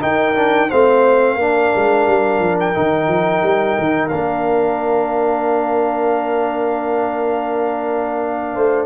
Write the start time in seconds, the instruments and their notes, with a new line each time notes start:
0.00 trombone D#4, tuba D#4, horn A#4, trumpet G5
0.35 trombone D4
0.69 tuba A3, trombone C4, horn C5, trumpet F5
1.36 tuba A#3, trombone D4, horn A#4
1.75 tuba G#3
2.07 tuba G3
2.39 tuba F3
2.60 trumpet G5
2.74 tuba D#3, trombone D#4
3.08 tuba F3
3.42 tuba G3
3.79 tuba D#3
4.08 tuba A#3, trombone D4, trumpet F5
8.53 tuba A3, horn C5